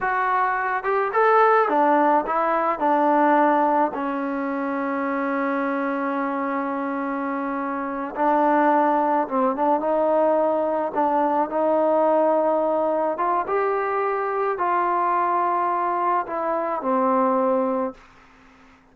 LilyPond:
\new Staff \with { instrumentName = "trombone" } { \time 4/4 \tempo 4 = 107 fis'4. g'8 a'4 d'4 | e'4 d'2 cis'4~ | cis'1~ | cis'2~ cis'8 d'4.~ |
d'8 c'8 d'8 dis'2 d'8~ | d'8 dis'2. f'8 | g'2 f'2~ | f'4 e'4 c'2 | }